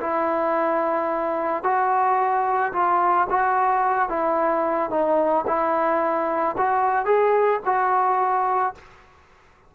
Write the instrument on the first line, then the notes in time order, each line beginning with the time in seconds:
trombone
0.00 E4
1.63 F#4
2.72 F4
3.30 F#4
4.09 E4
4.90 D#4
5.46 E4
6.57 F#4
7.05 G#4
7.65 F#4